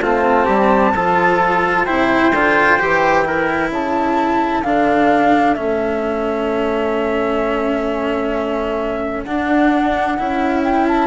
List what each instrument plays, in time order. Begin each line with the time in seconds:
0.00 bassoon A3, cello C4, trumpet F4, flute A5
0.46 bassoon G3, trumpet G4
0.94 bassoon F3, cello F4, trumpet A4
1.85 bassoon C3, cello E4, trumpet C5, flute G5
2.32 bassoon D3, cello F4
2.79 bassoon E3, cello G4
3.25 cello E4, trumpet A#4
3.71 bassoon C#3, trumpet A4, flute A5
4.64 bassoon D3, cello D4, flute F5
5.54 bassoon A3, cello C#4, flute E5
9.24 bassoon D4, cello D4, flute F#5
10.18 bassoon C#4, cello E4
10.64 flute G5
10.88 flute A5